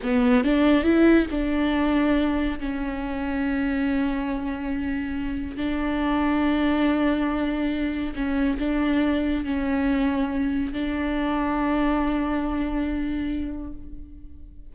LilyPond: \new Staff \with { instrumentName = "viola" } { \time 4/4 \tempo 4 = 140 b4 d'4 e'4 d'4~ | d'2 cis'2~ | cis'1~ | cis'4 d'2.~ |
d'2. cis'4 | d'2 cis'2~ | cis'4 d'2.~ | d'1 | }